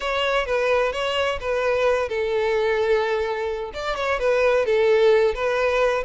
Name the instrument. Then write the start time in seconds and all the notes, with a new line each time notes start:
violin
0.00 C#5
0.45 B4
0.92 C#5
1.40 B4
2.08 A4
3.73 D5
3.96 C#5
4.19 B4
4.65 A4
5.34 B4